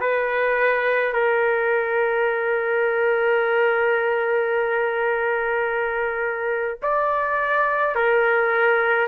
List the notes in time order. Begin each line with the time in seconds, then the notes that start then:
0.00 B4
1.13 A#4
6.82 D5
7.95 A#4